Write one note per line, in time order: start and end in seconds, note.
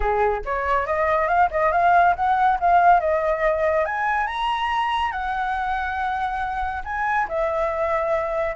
0.00 0.41 G#4
0.45 0.86 C#5
0.86 1.28 D#5
1.28 1.49 F5
1.50 1.72 D#5
1.72 2.15 F5
2.15 2.58 F#5
2.60 3.00 F5
3.00 3.85 D#5
3.85 4.26 G#5
4.26 5.11 A#5
5.11 6.83 F#5
6.84 7.27 G#5
7.28 8.55 E5